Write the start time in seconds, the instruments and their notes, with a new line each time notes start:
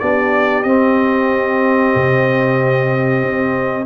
0.00 tuba B3, trombone D4, horn G4, trumpet D5
0.63 tuba C4, trombone C4, trumpet D#5
1.95 tuba C3
3.23 tuba C4